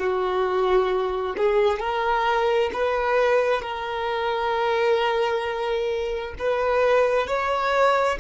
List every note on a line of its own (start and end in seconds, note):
0.00 1.36 F#4
1.38 1.80 G#4
1.80 2.71 A#4
2.74 3.62 B4
3.62 6.35 A#4
6.39 7.28 B4
7.28 8.19 C#5